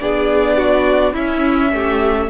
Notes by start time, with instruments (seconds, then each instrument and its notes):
0.00 cello B3, viola D4, violin G#4 D5
0.57 violin F#4
1.13 viola C#4, cello C#4, violin E4 E5
1.73 cello A3, violin G4